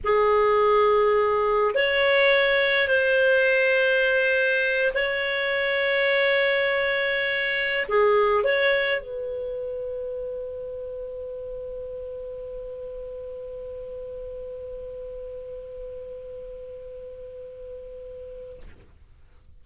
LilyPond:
\new Staff \with { instrumentName = "clarinet" } { \time 4/4 \tempo 4 = 103 gis'2. cis''4~ | cis''4 c''2.~ | c''8 cis''2.~ cis''8~ | cis''4. gis'4 cis''4 b'8~ |
b'1~ | b'1~ | b'1~ | b'1 | }